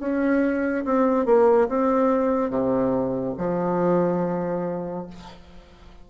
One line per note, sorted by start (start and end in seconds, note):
0.00 0.85 C#4
0.85 1.26 C4
1.26 1.68 A#3
1.69 2.50 C4
2.50 3.35 C3
3.38 5.07 F3